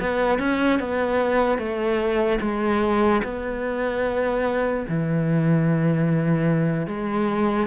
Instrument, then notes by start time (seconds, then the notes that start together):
cello
0.00 B3
0.39 C#4
0.79 B3
1.58 A3
2.40 G#3
3.24 B3
4.88 E3
6.86 G#3